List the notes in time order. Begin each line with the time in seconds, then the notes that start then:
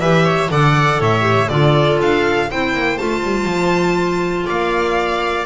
0.00 E3 G4 B4 E5
0.25 C#5
0.50 D3 A4 D5 F#5
1.00 A2 C#5 E5
1.21 G4
1.49 D3 F4 A4 D5
2.01 D4 F5
2.50 C4 E4 C5 G5
2.74 A#3
2.98 A3 F4 A5
3.24 G3
3.45 F3
4.46 A#3 D5 F5